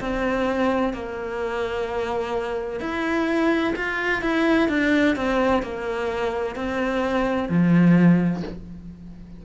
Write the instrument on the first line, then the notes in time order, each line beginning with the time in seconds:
cello
0.00 C4
0.93 A#3
2.80 E4
3.75 F4
4.21 E4
4.69 D4
5.16 C4
5.62 A#3
6.55 C4
7.49 F3